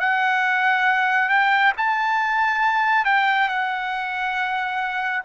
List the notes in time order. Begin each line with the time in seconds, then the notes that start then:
0.00 F#5
1.29 G5
1.77 A5
3.05 G5
3.49 F#5